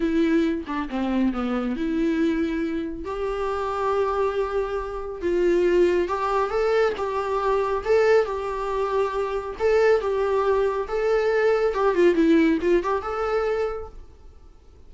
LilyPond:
\new Staff \with { instrumentName = "viola" } { \time 4/4 \tempo 4 = 138 e'4. d'8 c'4 b4 | e'2. g'4~ | g'1 | f'2 g'4 a'4 |
g'2 a'4 g'4~ | g'2 a'4 g'4~ | g'4 a'2 g'8 f'8 | e'4 f'8 g'8 a'2 | }